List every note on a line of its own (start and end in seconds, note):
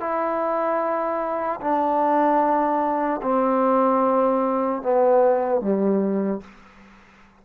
0.00 1.60 E4
1.60 3.20 D4
3.22 4.82 C4
4.82 5.61 B3
5.61 6.41 G3